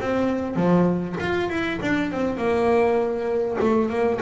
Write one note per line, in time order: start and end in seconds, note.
0.00 0.56 C4
0.56 1.16 F3
1.20 1.49 F4
1.49 1.79 E4
1.81 2.11 D4
2.11 2.37 C4
2.37 3.57 A#3
3.60 3.89 A3
3.89 4.19 A#3